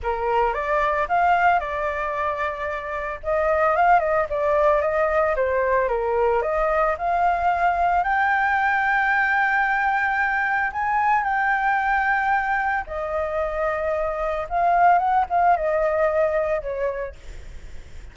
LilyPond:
\new Staff \with { instrumentName = "flute" } { \time 4/4 \tempo 4 = 112 ais'4 d''4 f''4 d''4~ | d''2 dis''4 f''8 dis''8 | d''4 dis''4 c''4 ais'4 | dis''4 f''2 g''4~ |
g''1 | gis''4 g''2. | dis''2. f''4 | fis''8 f''8 dis''2 cis''4 | }